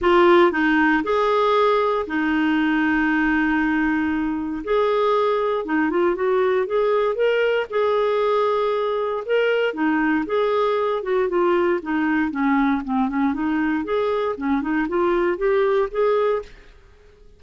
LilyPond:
\new Staff \with { instrumentName = "clarinet" } { \time 4/4 \tempo 4 = 117 f'4 dis'4 gis'2 | dis'1~ | dis'4 gis'2 dis'8 f'8 | fis'4 gis'4 ais'4 gis'4~ |
gis'2 ais'4 dis'4 | gis'4. fis'8 f'4 dis'4 | cis'4 c'8 cis'8 dis'4 gis'4 | cis'8 dis'8 f'4 g'4 gis'4 | }